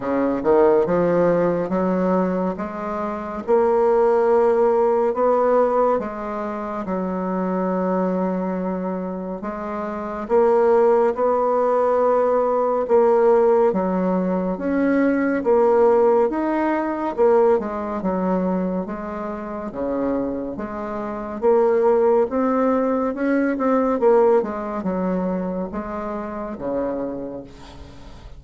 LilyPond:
\new Staff \with { instrumentName = "bassoon" } { \time 4/4 \tempo 4 = 70 cis8 dis8 f4 fis4 gis4 | ais2 b4 gis4 | fis2. gis4 | ais4 b2 ais4 |
fis4 cis'4 ais4 dis'4 | ais8 gis8 fis4 gis4 cis4 | gis4 ais4 c'4 cis'8 c'8 | ais8 gis8 fis4 gis4 cis4 | }